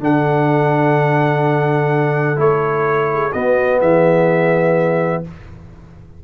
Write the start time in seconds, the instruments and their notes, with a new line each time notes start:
0.00 tuba D3, trombone D4, horn A4, trumpet F#5
2.36 tuba A3, trombone E4, trumpet C#5
3.12 horn G#4
3.32 trombone B3, tuba B3, horn F#4, trumpet D#5
3.79 tuba E3, horn G#4, trumpet E5